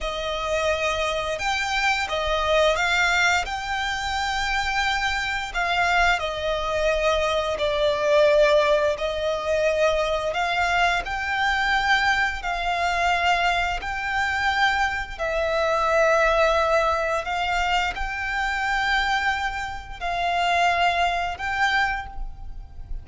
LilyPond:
\new Staff \with { instrumentName = "violin" } { \time 4/4 \tempo 4 = 87 dis''2 g''4 dis''4 | f''4 g''2. | f''4 dis''2 d''4~ | d''4 dis''2 f''4 |
g''2 f''2 | g''2 e''2~ | e''4 f''4 g''2~ | g''4 f''2 g''4 | }